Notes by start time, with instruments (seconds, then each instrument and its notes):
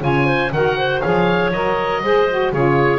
0.00 double bass C#3, saxophone F4, clarinet C#5, oboe G#5
0.26 clarinet C5
0.52 double bass D#3, saxophone F#4, clarinet A#4, oboe F#5
0.78 clarinet C5
1.01 double bass F3, saxophone G#4, clarinet C#5, oboe F5
1.53 double bass F#3, saxophone A#4, oboe D#5
2.04 double bass G#3, saxophone G#4, clarinet C5
2.30 saxophone F#4
2.53 double bass C#3, saxophone F4, clarinet G#4, oboe C#5